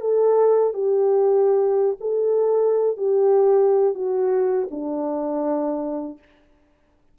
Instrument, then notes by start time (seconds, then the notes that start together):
horn
0.00 A4
0.73 G4
2.00 A4
2.97 G4
3.94 F#4
4.70 D4